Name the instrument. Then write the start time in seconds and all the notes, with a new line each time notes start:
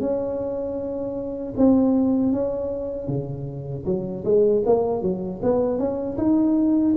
tuba
0.00 C#4
1.57 C4
2.33 C#4
3.08 C#3
3.85 F#3
4.24 G#3
4.66 A#3
5.02 F#3
5.43 B3
5.79 C#4
6.17 D#4